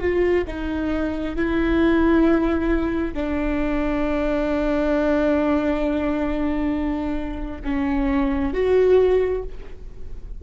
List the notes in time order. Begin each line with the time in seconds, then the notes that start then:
0.00 F4
0.47 D#4
1.36 E4
3.14 D4
7.64 C#4
8.54 F#4